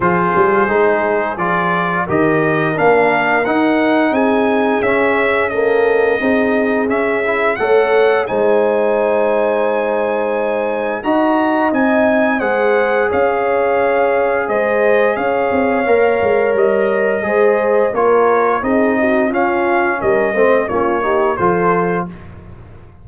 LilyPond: <<
  \new Staff \with { instrumentName = "trumpet" } { \time 4/4 \tempo 4 = 87 c''2 d''4 dis''4 | f''4 fis''4 gis''4 e''4 | dis''2 e''4 fis''4 | gis''1 |
ais''4 gis''4 fis''4 f''4~ | f''4 dis''4 f''2 | dis''2 cis''4 dis''4 | f''4 dis''4 cis''4 c''4 | }
  \new Staff \with { instrumentName = "horn" } { \time 4/4 gis'2. ais'4~ | ais'2 gis'2 | a'4 gis'2 cis''4 | c''1 |
dis''2 c''4 cis''4~ | cis''4 c''4 cis''2~ | cis''4 c''4 ais'4 gis'8 fis'8 | f'4 ais'8 c''8 f'8 g'8 a'4 | }
  \new Staff \with { instrumentName = "trombone" } { \time 4/4 f'4 dis'4 f'4 g'4 | d'4 dis'2 cis'4 | ais4 dis'4 cis'8 e'8 a'4 | dis'1 |
fis'4 dis'4 gis'2~ | gis'2. ais'4~ | ais'4 gis'4 f'4 dis'4 | cis'4. c'8 cis'8 dis'8 f'4 | }
  \new Staff \with { instrumentName = "tuba" } { \time 4/4 f8 g8 gis4 f4 dis4 | ais4 dis'4 c'4 cis'4~ | cis'4 c'4 cis'4 a4 | gis1 |
dis'4 c'4 gis4 cis'4~ | cis'4 gis4 cis'8 c'8 ais8 gis8 | g4 gis4 ais4 c'4 | cis'4 g8 a8 ais4 f4 | }
>>